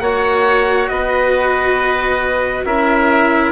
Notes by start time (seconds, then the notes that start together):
0.00 A#3 F#4 C#5 F#5
0.89 B3 B4 D#5
2.65 C#4 E4 A#4 E5